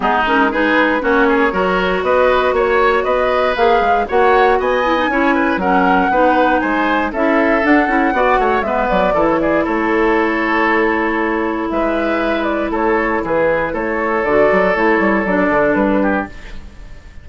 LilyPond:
<<
  \new Staff \with { instrumentName = "flute" } { \time 4/4 \tempo 4 = 118 gis'8 ais'8 b'4 cis''2 | dis''4 cis''4 dis''4 f''4 | fis''4 gis''2 fis''4~ | fis''4 gis''4 e''4 fis''4~ |
fis''4 e''8 d''8. cis''16 d''8 cis''4~ | cis''2. e''4~ | e''8 d''8 cis''4 b'4 cis''4 | d''4 cis''4 d''4 b'4 | }
  \new Staff \with { instrumentName = "oboe" } { \time 4/4 dis'4 gis'4 fis'8 gis'8 ais'4 | b'4 cis''4 b'2 | cis''4 dis''4 cis''8 b'8 ais'4 | b'4 c''4 a'2 |
d''8 cis''8 b'4 a'8 gis'8 a'4~ | a'2. b'4~ | b'4 a'4 gis'4 a'4~ | a'2.~ a'8 g'8 | }
  \new Staff \with { instrumentName = "clarinet" } { \time 4/4 b8 cis'8 dis'4 cis'4 fis'4~ | fis'2. gis'4 | fis'4. e'16 dis'16 e'4 cis'4 | dis'2 e'4 d'8 e'8 |
fis'4 b4 e'2~ | e'1~ | e'1 | fis'4 e'4 d'2 | }
  \new Staff \with { instrumentName = "bassoon" } { \time 4/4 gis2 ais4 fis4 | b4 ais4 b4 ais8 gis8 | ais4 b4 cis'4 fis4 | b4 gis4 cis'4 d'8 cis'8 |
b8 a8 gis8 fis8 e4 a4~ | a2. gis4~ | gis4 a4 e4 a4 | d8 fis8 a8 g8 fis8 d8 g4 | }
>>